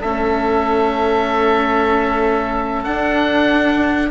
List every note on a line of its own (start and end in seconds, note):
0.00 2.87 A3
0.00 2.85 C#4
0.00 4.10 A4
0.00 2.83 E5
2.83 4.10 D4
2.83 4.10 F#5